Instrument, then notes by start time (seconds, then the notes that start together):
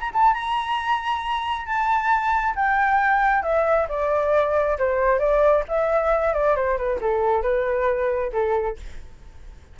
flute
0.00 A#5
0.14 A5
0.34 A#5
1.66 A5
2.55 G5
3.43 E5
3.89 D5
4.79 C5
5.19 D5
5.68 E5
6.34 D5
6.56 C5
6.77 B4
7.01 A4
7.42 B4
8.33 A4